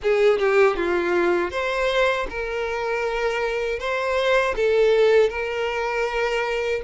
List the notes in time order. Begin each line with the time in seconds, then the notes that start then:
0.02 G#4
0.38 G4
0.76 F4
1.50 C5
2.29 A#4
3.79 C5
4.56 A4
5.29 A#4